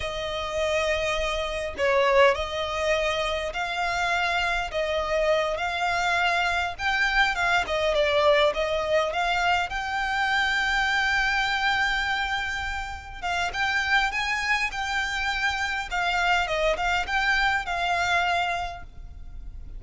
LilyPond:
\new Staff \with { instrumentName = "violin" } { \time 4/4 \tempo 4 = 102 dis''2. cis''4 | dis''2 f''2 | dis''4. f''2 g''8~ | g''8 f''8 dis''8 d''4 dis''4 f''8~ |
f''8 g''2.~ g''8~ | g''2~ g''8 f''8 g''4 | gis''4 g''2 f''4 | dis''8 f''8 g''4 f''2 | }